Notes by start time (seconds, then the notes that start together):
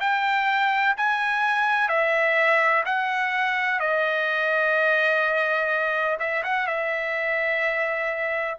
0.00 G5
0.97 G#5
1.89 E5
2.85 F#5
3.80 D#5
6.19 E5
6.43 F#5
6.67 E5